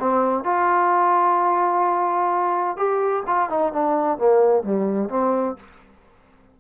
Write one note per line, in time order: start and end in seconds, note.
0.00 0.44 C4
0.44 2.77 F4
2.77 3.24 G4
3.27 3.50 F4
3.50 3.73 D#4
3.73 4.18 D4
4.18 4.64 A#3
4.64 5.10 G3
5.10 5.57 C4